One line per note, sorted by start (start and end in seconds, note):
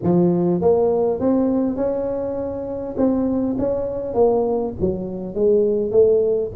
0.02 0.61 F3
0.61 1.20 A#3
1.20 1.76 C4
1.76 2.95 C#4
2.97 3.56 C4
3.58 4.14 C#4
4.14 4.73 A#3
4.80 5.34 F#3
5.34 5.91 G#3
5.91 6.50 A3